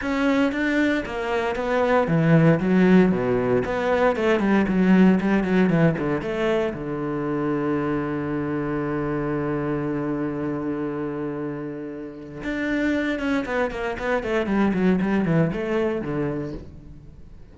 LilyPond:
\new Staff \with { instrumentName = "cello" } { \time 4/4 \tempo 4 = 116 cis'4 d'4 ais4 b4 | e4 fis4 b,4 b4 | a8 g8 fis4 g8 fis8 e8 d8 | a4 d2.~ |
d1~ | d1 | d'4. cis'8 b8 ais8 b8 a8 | g8 fis8 g8 e8 a4 d4 | }